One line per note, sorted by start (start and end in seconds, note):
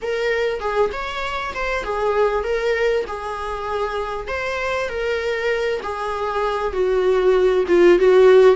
0.02 0.60 A#4
0.60 0.90 G#4
0.92 1.53 C#5
1.54 1.83 C5
1.83 2.43 G#4
2.43 3.04 A#4
3.07 4.27 G#4
4.27 4.88 C5
4.88 5.80 A#4
5.82 6.72 G#4
6.72 7.64 F#4
7.68 7.98 F4
7.98 8.55 F#4